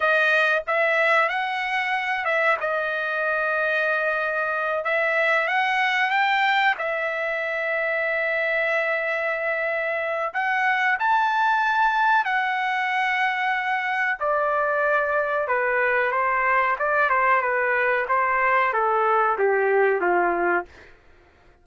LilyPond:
\new Staff \with { instrumentName = "trumpet" } { \time 4/4 \tempo 4 = 93 dis''4 e''4 fis''4. e''8 | dis''2.~ dis''8 e''8~ | e''8 fis''4 g''4 e''4.~ | e''1 |
fis''4 a''2 fis''4~ | fis''2 d''2 | b'4 c''4 d''8 c''8 b'4 | c''4 a'4 g'4 f'4 | }